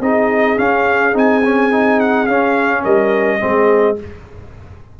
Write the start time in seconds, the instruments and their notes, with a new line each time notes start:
0.00 tuba C4, trombone D#4, horn G#4, trumpet D#5
0.57 trombone C#4, tuba C#4, trumpet F5
1.13 tuba C4, trombone D#4, trumpet G#5
1.44 trombone C#4
1.71 trombone D#4
2.00 trumpet F#5
2.26 tuba C#4, trombone C#4, trumpet F5
2.83 tuba G3, horn A#4, trumpet D#5
3.39 tuba G#3, trombone C4, horn G#4